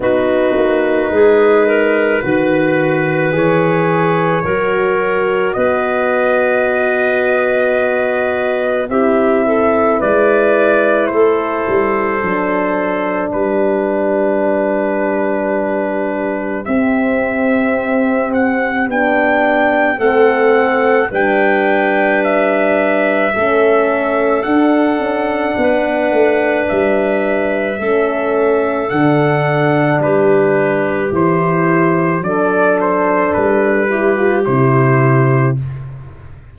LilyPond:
<<
  \new Staff \with { instrumentName = "trumpet" } { \time 4/4 \tempo 4 = 54 b'2. cis''4~ | cis''4 dis''2. | e''4 d''4 c''2 | b'2. e''4~ |
e''8 fis''8 g''4 fis''4 g''4 | e''2 fis''2 | e''2 fis''4 b'4 | c''4 d''8 c''8 b'4 c''4 | }
  \new Staff \with { instrumentName = "clarinet" } { \time 4/4 fis'4 gis'8 ais'8 b'2 | ais'4 b'2. | g'8 a'8 b'4 a'2 | g'1~ |
g'2 a'4 b'4~ | b'4 a'2 b'4~ | b'4 a'2 g'4~ | g'4 a'4. g'4. | }
  \new Staff \with { instrumentName = "horn" } { \time 4/4 dis'2 fis'4 gis'4 | fis'1 | e'2. d'4~ | d'2. c'4~ |
c'4 d'4 c'4 d'4~ | d'4 cis'4 d'2~ | d'4 cis'4 d'2 | e'4 d'4. e'16 f'16 e'4 | }
  \new Staff \with { instrumentName = "tuba" } { \time 4/4 b8 ais8 gis4 dis4 e4 | fis4 b2. | c'4 gis4 a8 g8 fis4 | g2. c'4~ |
c'4 b4 a4 g4~ | g4 a4 d'8 cis'8 b8 a8 | g4 a4 d4 g4 | e4 fis4 g4 c4 | }
>>